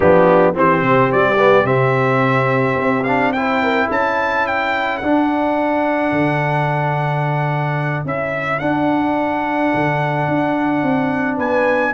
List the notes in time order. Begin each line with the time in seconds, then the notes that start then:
0.00 F3 B3 D4 G4
0.53 E3 C4 G4 C5
0.82 C3
1.12 G3 D5
1.38 B3
1.64 C3 C4 E5
2.76 C4
3.03 D4 F5
3.32 E4 C5 G5
3.62 A#4
3.88 C#4 A4 A5
4.47 G5
4.97 D4 F#5
6.11 D3
8.04 C#4 E4 E5
8.59 D4 F#5
9.74 D3
10.27 D4
10.83 C4
11.36 B3 B4 G#5